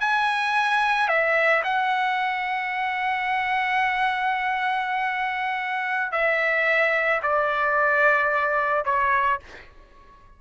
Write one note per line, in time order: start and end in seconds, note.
0.00 1.08 G#5
1.08 1.62 E5
1.63 6.12 F#5
6.12 7.21 E5
7.22 8.85 D5
8.85 9.39 C#5